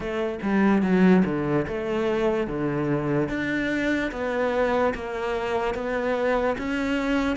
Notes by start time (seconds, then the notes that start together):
0.00 A3
0.42 G3
0.82 F#3
1.25 D3
1.67 A3
2.47 D3
3.28 D4
4.11 B3
4.94 A#3
5.74 B3
6.58 C#4